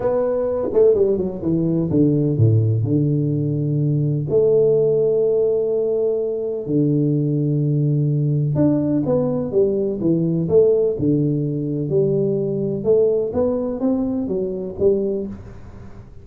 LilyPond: \new Staff \with { instrumentName = "tuba" } { \time 4/4 \tempo 4 = 126 b4. a8 g8 fis8 e4 | d4 a,4 d2~ | d4 a2.~ | a2 d2~ |
d2 d'4 b4 | g4 e4 a4 d4~ | d4 g2 a4 | b4 c'4 fis4 g4 | }